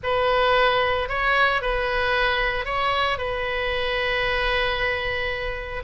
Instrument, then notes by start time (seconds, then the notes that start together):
oboe
0.03 B4
1.08 C#5
1.61 B4
2.65 C#5
3.17 B4